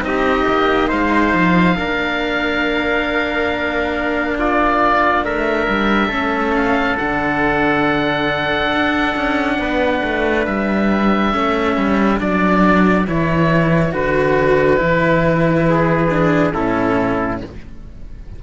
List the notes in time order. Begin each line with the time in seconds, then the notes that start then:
0.00 C4 D#4 D#5
0.07 G4
0.48 A#3
0.88 G#3 C5 F5
1.34 F3
1.76 A#3 D4 A#4
4.39 F4 D5
5.24 A3 A#4 E5
5.69 G3
6.08 A3 C#4 A4
6.56 F5
6.97 D3 D4 F#5
8.72 D4
9.16 C#4
9.59 B3 B4
10.04 A3
10.46 G3 E5
11.33 A3 C#4 A4
11.77 G3
12.18 F#3 D4 D5
13.07 E3 E4 C#5
13.92 D3 F#4 B4
14.77 E3 E4
15.69 G#4
16.10 D4
16.54 A2 C#4 E4 A4